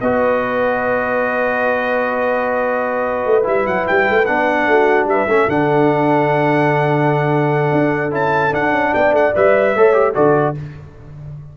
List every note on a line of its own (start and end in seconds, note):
0.00 3.25 B3
0.00 3.43 F#4
0.00 4.68 B4
0.00 3.45 D#5
3.25 3.46 A3
3.43 3.66 G3
3.43 4.24 E4
3.43 3.66 E5
3.66 3.86 F#3
3.66 3.86 F#5
3.87 4.09 G3
3.87 4.25 G5
4.09 4.28 A3
4.25 4.67 B3
4.25 5.28 D4
4.25 5.06 F#5
4.67 5.05 A3
4.67 5.10 F#4
5.05 5.25 G3
5.05 5.28 B4
5.05 5.49 E5
5.27 5.48 A3
5.27 5.49 C#4
5.27 8.93 A4
5.48 7.71 D3
5.48 8.11 D4
5.48 8.13 F#5
7.72 8.11 D4
8.11 8.52 C#4
8.11 8.51 E4
8.11 8.54 A5
8.51 9.32 D4
8.51 8.72 D4
8.51 8.94 F#5
8.72 8.93 C#4
8.94 9.12 B3
8.94 9.75 D5
8.94 9.14 G5
9.12 9.33 A3
9.12 9.35 F#5
9.35 9.75 G3
9.35 9.75 B4
9.35 10.15 E5
9.75 10.15 A3
9.75 9.93 A4
9.75 10.14 C#5
9.93 10.13 G4
10.14 10.56 D3
10.14 10.54 F#4
10.14 10.55 A4
10.14 10.55 D5